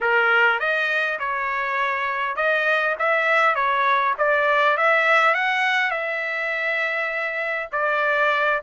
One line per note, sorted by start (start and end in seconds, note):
0.00 0.59 A#4
0.59 1.19 D#5
1.19 2.36 C#5
2.36 2.95 D#5
2.98 3.55 E5
3.55 4.14 C#5
4.18 4.77 D5
4.77 5.34 E5
5.34 5.90 F#5
5.90 7.68 E5
7.71 8.61 D5